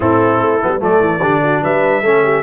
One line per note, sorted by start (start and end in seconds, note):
0.00 0.39 A2
0.00 0.60 C4
0.00 0.77 E4
0.00 0.81 A4
0.40 0.60 A3
0.62 0.81 G3
0.62 0.79 B3
0.79 0.99 F#3
0.79 1.20 A3
0.79 1.21 A4
0.79 1.64 D5
0.99 1.20 E3
1.20 1.61 D3
1.20 2.03 D4
1.20 1.41 G4
1.44 1.62 F#4
1.62 2.02 G3
1.62 2.03 B4
1.62 2.42 E5
2.02 2.42 A3
2.02 2.42 C#4
2.02 2.23 A4
2.23 2.42 G4